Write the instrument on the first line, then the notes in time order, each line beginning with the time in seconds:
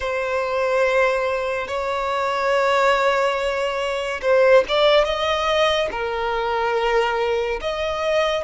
violin
0.00 C5
1.67 C#5
4.21 C5
4.68 D5
5.04 D#5
5.91 A#4
7.61 D#5